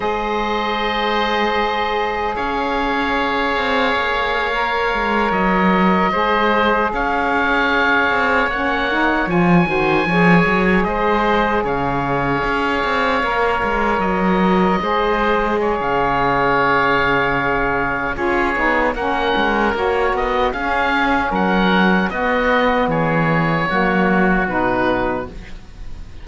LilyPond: <<
  \new Staff \with { instrumentName = "oboe" } { \time 4/4 \tempo 4 = 76 dis''2. f''4~ | f''2~ f''8. dis''4~ dis''16~ | dis''8. f''2 fis''4 gis''16~ | gis''4.~ gis''16 dis''4 f''4~ f''16~ |
f''4.~ f''16 dis''2~ dis''16 | f''2. cis''4 | fis''4 cis''8 dis''8 f''4 fis''4 | dis''4 cis''2 b'4 | }
  \new Staff \with { instrumentName = "oboe" } { \time 4/4 c''2. cis''4~ | cis''2.~ cis''8. c''16~ | c''8. cis''2.~ cis''16~ | cis''16 c''8 cis''4 c''4 cis''4~ cis''16~ |
cis''2~ cis''8. c''4 cis''16~ | cis''2. gis'4 | ais'2 gis'4 ais'4 | fis'4 gis'4 fis'2 | }
  \new Staff \with { instrumentName = "saxophone" } { \time 4/4 gis'1~ | gis'4.~ gis'16 ais'2 gis'16~ | gis'2~ gis'8. cis'8 dis'8 f'16~ | f'16 fis'8 gis'2.~ gis'16~ |
gis'8. ais'2 gis'4~ gis'16~ | gis'2. f'8 dis'8 | cis'4 fis'4 cis'2 | b2 ais4 dis'4 | }
  \new Staff \with { instrumentName = "cello" } { \time 4/4 gis2. cis'4~ | cis'8 c'8 ais4~ ais16 gis8 fis4 gis16~ | gis8. cis'4. c'8 ais4 f16~ | f16 dis8 f8 fis8 gis4 cis4 cis'16~ |
cis'16 c'8 ais8 gis8 fis4 gis4~ gis16 | cis2. cis'8 b8 | ais8 gis8 ais8 b8 cis'4 fis4 | b4 e4 fis4 b,4 | }
>>